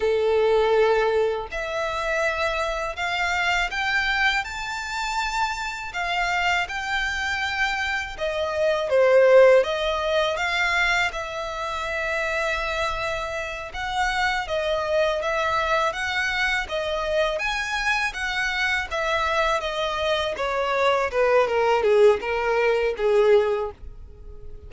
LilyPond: \new Staff \with { instrumentName = "violin" } { \time 4/4 \tempo 4 = 81 a'2 e''2 | f''4 g''4 a''2 | f''4 g''2 dis''4 | c''4 dis''4 f''4 e''4~ |
e''2~ e''8 fis''4 dis''8~ | dis''8 e''4 fis''4 dis''4 gis''8~ | gis''8 fis''4 e''4 dis''4 cis''8~ | cis''8 b'8 ais'8 gis'8 ais'4 gis'4 | }